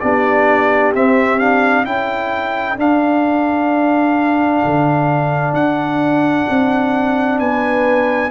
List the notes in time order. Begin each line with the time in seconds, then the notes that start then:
0.00 B3 D4 G4 D5
0.94 C4 E5
1.39 D4 F5
1.85 C#4 E4 A4 G5
2.77 D4 F5
4.65 D3
5.53 D4 F#5
6.49 C4
7.39 B3 B4 G#5